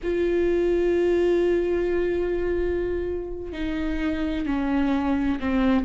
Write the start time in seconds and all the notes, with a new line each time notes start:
0.03 F4
3.52 D#4
4.45 C#4
5.40 C4